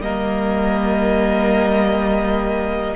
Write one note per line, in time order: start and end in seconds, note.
0.00 2.95 G3
0.00 2.95 A#3
0.00 2.95 A#4
0.00 2.95 D#5